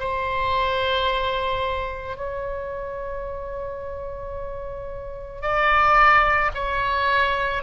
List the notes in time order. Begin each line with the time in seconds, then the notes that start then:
0.00 C5
2.17 C#5
5.42 D5
6.55 C#5